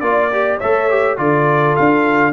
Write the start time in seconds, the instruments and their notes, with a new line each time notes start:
0.00 tuba A#3, trombone F4, trumpet D5, horn D5
0.31 trombone G4
0.58 tuba A3, trombone A4, horn C#5, trumpet E5
0.90 trombone G4
1.17 tuba D3, trombone F4, horn A4, trumpet D5
1.75 tuba D4, trumpet F5